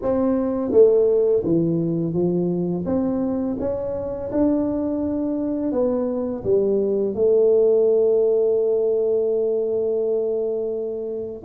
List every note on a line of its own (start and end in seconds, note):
0.02 0.71 C4
0.71 1.43 A3
1.44 2.13 E3
2.13 2.84 F3
2.85 3.57 C4
3.59 4.31 C#4
4.31 5.71 D4
5.71 6.43 B3
6.43 7.14 G3
7.14 11.43 A3